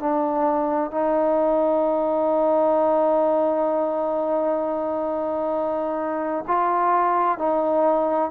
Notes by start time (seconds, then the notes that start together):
0.00 D4
0.91 D#4
6.48 F4
7.38 D#4